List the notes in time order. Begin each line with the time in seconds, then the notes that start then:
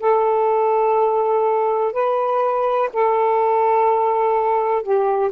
0.00 A4
1.93 B4
2.93 A4
4.83 G4